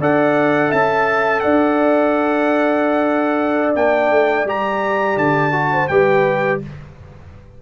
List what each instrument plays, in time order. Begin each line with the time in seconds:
0.00 tuba D4, trombone A4, horn D5, trumpet F#5
0.69 tuba C#4, horn E5, trumpet A5
1.40 tuba D4, horn D5, trumpet F#5
3.76 tuba A#3, trombone D4, trumpet G5
4.11 tuba A3
4.45 tuba G3, trombone G4, trumpet A#5
5.17 tuba D3, trumpet A5
5.52 trombone F#4
5.73 horn C5
5.88 tuba G3, trombone G4, horn B4, trumpet G5